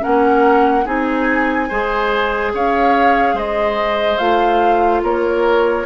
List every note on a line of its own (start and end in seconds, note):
0.00 0.87 A#3
0.00 0.83 C#4
0.00 0.86 A#4
0.00 0.87 F#5
0.86 1.70 C4
0.86 1.69 D#4
0.86 1.69 G#4
0.86 2.55 G#5
1.69 2.54 G#3
1.69 4.20 G#4
1.69 2.52 C5
2.54 3.34 C#4
2.54 3.35 C#5
2.54 3.38 F5
3.34 4.17 G#3
3.34 5.02 C5
3.34 4.18 D#5
4.18 5.03 A3
4.18 5.86 F4
4.18 5.01 F5
5.03 5.86 A#3
5.03 5.86 A#4
5.03 5.86 C#5